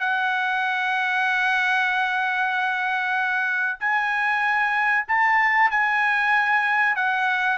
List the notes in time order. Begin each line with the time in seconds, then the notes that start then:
0.00 F#5
3.80 G#5
5.08 A5
5.71 G#5
6.96 F#5